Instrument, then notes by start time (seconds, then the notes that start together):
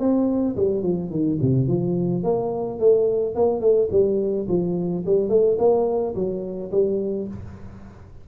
tuba
0.00 C4
0.57 G3
0.83 F3
1.11 D#3
1.42 C3
1.68 F3
2.24 A#3
2.80 A3
3.36 A#3
3.61 A3
3.92 G3
4.49 F3
5.06 G3
5.29 A3
5.59 A#3
6.15 F#3
6.72 G3